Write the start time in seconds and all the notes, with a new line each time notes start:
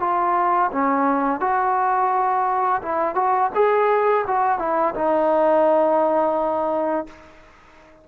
0.00 F4
0.72 C#4
1.40 F#4
2.82 E4
3.15 F#4
3.55 G#4
4.27 F#4
4.59 E4
4.95 D#4